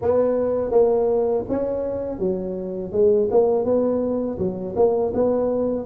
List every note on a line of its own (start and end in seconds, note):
0.01 0.71 B3
0.71 1.44 A#3
1.48 2.19 C#4
2.19 2.91 F#3
2.91 3.28 G#3
3.31 3.65 A#3
3.65 4.38 B3
4.38 4.75 F#3
4.76 5.12 A#3
5.14 5.85 B3